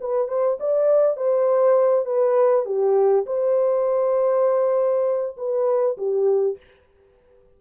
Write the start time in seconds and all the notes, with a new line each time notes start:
0.00 B4
0.27 C5
0.59 D5
1.16 C5
2.05 B4
2.65 G4
3.26 C5
5.37 B4
5.97 G4